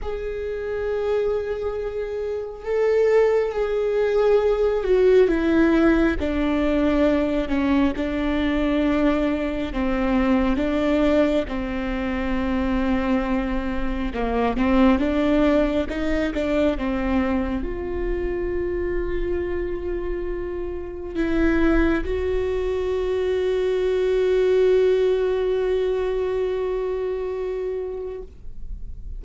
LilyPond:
\new Staff \with { instrumentName = "viola" } { \time 4/4 \tempo 4 = 68 gis'2. a'4 | gis'4. fis'8 e'4 d'4~ | d'8 cis'8 d'2 c'4 | d'4 c'2. |
ais8 c'8 d'4 dis'8 d'8 c'4 | f'1 | e'4 fis'2.~ | fis'1 | }